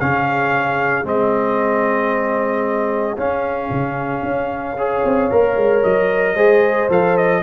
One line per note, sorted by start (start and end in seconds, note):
0.00 1.04 C#3
0.00 1.04 C#4
0.00 4.77 G#4
0.00 1.06 F5
1.04 3.17 G#3
1.04 3.17 C4
1.04 3.19 D#5
3.17 3.70 C#4
3.17 4.77 C#4
3.17 5.84 F5
3.71 4.23 C#3
4.23 5.03 C#4
4.77 5.31 G#4
4.77 6.36 C#5
5.05 5.32 C4
5.31 5.57 A#3
5.31 6.37 A#4
5.57 5.84 G#3
5.84 6.36 F#3
5.84 6.90 D#5
6.36 6.89 G#3
6.36 6.90 G#4
6.36 7.42 C5
6.90 7.43 F3
6.90 7.43 A4
6.90 7.17 F5
7.17 7.43 D#5